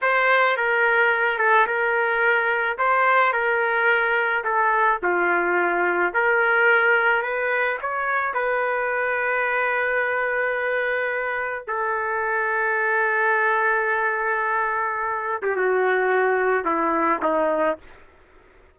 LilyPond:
\new Staff \with { instrumentName = "trumpet" } { \time 4/4 \tempo 4 = 108 c''4 ais'4. a'8 ais'4~ | ais'4 c''4 ais'2 | a'4 f'2 ais'4~ | ais'4 b'4 cis''4 b'4~ |
b'1~ | b'4 a'2.~ | a'2.~ a'8. g'16 | fis'2 e'4 dis'4 | }